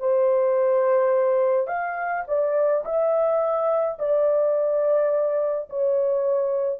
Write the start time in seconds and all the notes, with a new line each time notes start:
0.00 C5
1.67 F5
2.27 D5
2.85 E5
3.99 D5
5.70 C#5